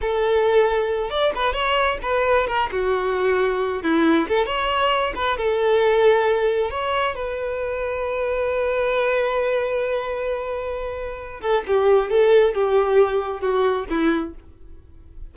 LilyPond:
\new Staff \with { instrumentName = "violin" } { \time 4/4 \tempo 4 = 134 a'2~ a'8 d''8 b'8 cis''8~ | cis''8 b'4 ais'8 fis'2~ | fis'8 e'4 a'8 cis''4. b'8 | a'2. cis''4 |
b'1~ | b'1~ | b'4. a'8 g'4 a'4 | g'2 fis'4 e'4 | }